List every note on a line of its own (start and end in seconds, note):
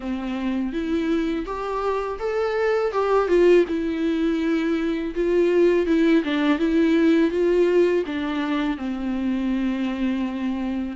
0.00 0.73 C4
0.73 1.45 E4
1.45 2.18 G4
2.19 2.92 A4
2.92 3.28 G4
3.28 3.64 F4
3.68 5.14 E4
5.14 5.86 F4
5.86 6.23 E4
6.24 6.59 D4
6.59 7.30 E4
7.30 8.04 F4
8.06 8.77 D4
8.77 10.96 C4